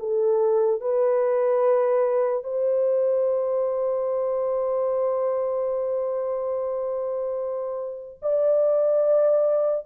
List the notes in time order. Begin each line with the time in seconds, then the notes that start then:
0.00 A4
0.81 B4
2.44 C5
8.23 D5